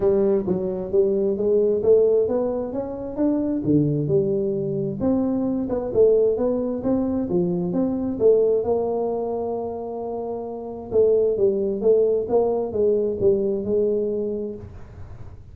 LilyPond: \new Staff \with { instrumentName = "tuba" } { \time 4/4 \tempo 4 = 132 g4 fis4 g4 gis4 | a4 b4 cis'4 d'4 | d4 g2 c'4~ | c'8 b8 a4 b4 c'4 |
f4 c'4 a4 ais4~ | ais1 | a4 g4 a4 ais4 | gis4 g4 gis2 | }